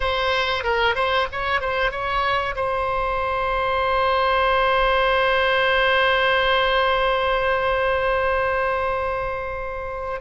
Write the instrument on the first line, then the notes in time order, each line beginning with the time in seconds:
oboe
0.00 C5
0.63 A#4
0.95 C5
1.31 C#5
1.60 C5
1.91 C#5
2.55 C5